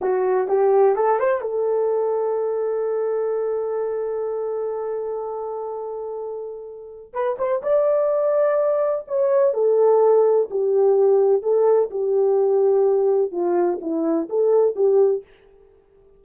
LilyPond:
\new Staff \with { instrumentName = "horn" } { \time 4/4 \tempo 4 = 126 fis'4 g'4 a'8 c''8 a'4~ | a'1~ | a'1~ | a'2. b'8 c''8 |
d''2. cis''4 | a'2 g'2 | a'4 g'2. | f'4 e'4 a'4 g'4 | }